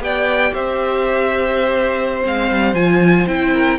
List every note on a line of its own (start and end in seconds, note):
0.00 0.52 B3
0.00 2.22 G4
0.00 0.55 D5
0.00 0.54 G5
0.54 2.24 C4
0.54 3.53 C5
0.54 2.24 E5
2.22 2.51 G#3
2.22 2.75 C4
2.22 2.75 F5
2.51 2.74 G3
2.74 3.26 F3
2.74 3.28 F4
2.74 3.27 G#5
3.28 3.79 C4
3.28 3.79 E4
3.28 3.79 G5
3.53 3.79 A#4